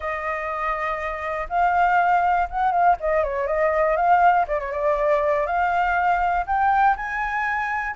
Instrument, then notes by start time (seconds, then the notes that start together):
flute
0.00 D#5
1.49 F5
2.50 F#5
2.71 F5
3.00 D#5
3.23 C#5
3.46 D#5
3.96 F5
4.47 D5
4.59 C#5
4.72 D5
5.46 F5
6.46 G5
6.96 G#5